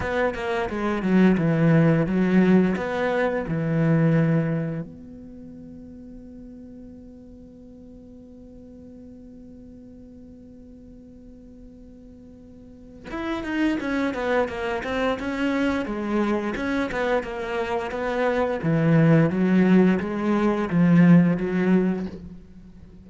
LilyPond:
\new Staff \with { instrumentName = "cello" } { \time 4/4 \tempo 4 = 87 b8 ais8 gis8 fis8 e4 fis4 | b4 e2 b4~ | b1~ | b1~ |
b2. e'8 dis'8 | cis'8 b8 ais8 c'8 cis'4 gis4 | cis'8 b8 ais4 b4 e4 | fis4 gis4 f4 fis4 | }